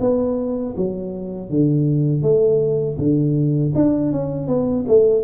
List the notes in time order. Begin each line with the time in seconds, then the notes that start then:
0.00 B3
0.77 F#3
1.50 D3
2.22 A3
2.98 D3
3.75 D4
4.12 C#4
4.47 B3
4.88 A3